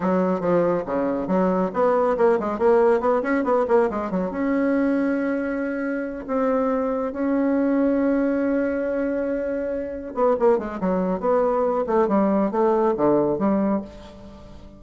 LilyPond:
\new Staff \with { instrumentName = "bassoon" } { \time 4/4 \tempo 4 = 139 fis4 f4 cis4 fis4 | b4 ais8 gis8 ais4 b8 cis'8 | b8 ais8 gis8 fis8 cis'2~ | cis'2~ cis'8 c'4.~ |
c'8 cis'2.~ cis'8~ | cis'2.~ cis'8 b8 | ais8 gis8 fis4 b4. a8 | g4 a4 d4 g4 | }